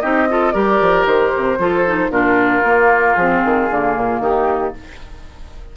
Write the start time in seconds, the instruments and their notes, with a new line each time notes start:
0.00 bassoon C4, clarinet D#4, oboe G4, flute D#5
0.29 clarinet F4, oboe A4
0.51 bassoon G3, clarinet G4, oboe A#4, flute D5
0.80 bassoon F3
1.05 bassoon D#3, flute C5
1.36 bassoon C3
1.58 bassoon F3, clarinet F4, oboe A4
1.86 clarinet D#4
2.09 bassoon A#2, clarinet D4, oboe F4, flute A#4
2.63 bassoon A#3, clarinet A#3
3.15 bassoon F3, clarinet C4, flute G#4
3.44 bassoon D#3
3.70 bassoon D3, clarinet A#3
3.96 bassoon A#2
4.19 bassoon D#3, oboe D#4, flute G4